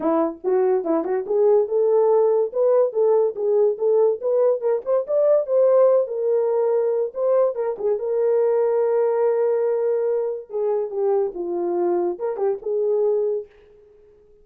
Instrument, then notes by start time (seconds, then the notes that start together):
horn
0.00 E4
0.44 F#4
0.84 E4
1.04 F#4
1.26 G#4
1.67 A4
2.53 B4
2.93 A4
3.35 G#4
3.78 A4
4.21 B4
4.60 A#4
4.85 C5
5.07 D5
5.46 C5
6.07 A#4
7.14 C5
7.55 A#4
7.78 G#4
7.98 A#4
10.49 G#4
10.90 G4
11.34 F4
12.18 A#4
12.36 G4
12.62 G#4